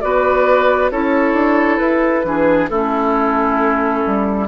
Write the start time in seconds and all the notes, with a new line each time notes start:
0.00 B3 F#4 B4 D5
0.90 C#4 E4 A4 C#5
1.32 D4
1.77 E4 B4
2.24 E3 D4 G#4
2.69 A3 C#4 E4 A4
4.05 G3